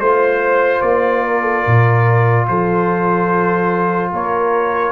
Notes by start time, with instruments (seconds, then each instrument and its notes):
0.00 tuba A3, trombone F4, trumpet C5, horn C5
0.82 tuba A#3, trumpet D5
1.23 horn A#4
1.42 horn A4
1.62 tuba A#2, horn A#4
2.48 tuba F3, horn A4, trumpet C5
4.12 tuba A#3, horn A#4, trumpet C#5